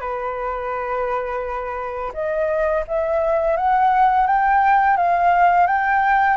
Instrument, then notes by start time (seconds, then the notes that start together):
flute
0.00 B4
2.13 D#5
2.87 E5
3.56 F#5
4.26 G5
4.96 F5
5.67 G5